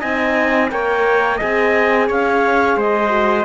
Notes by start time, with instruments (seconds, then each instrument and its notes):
0.00 cello C4, horn D#4, trumpet D#5, clarinet G#5
0.70 cello A#3, horn A#4, trumpet C#5, clarinet G5
1.37 horn G#4, trumpet D#5, clarinet G#5
1.43 cello C4
2.08 cello C#4, trumpet C#5, clarinet F5
2.76 cello G#3, trumpet C5, clarinet D#5
3.10 horn F#4